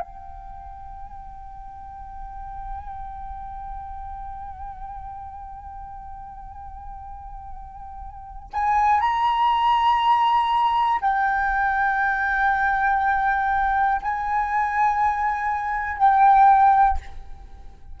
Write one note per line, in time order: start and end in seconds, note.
0.00 8.50 G5
8.53 9.00 G#5
9.00 11.00 A#5
11.00 14.00 G5
14.02 15.97 G#5
15.97 16.97 G5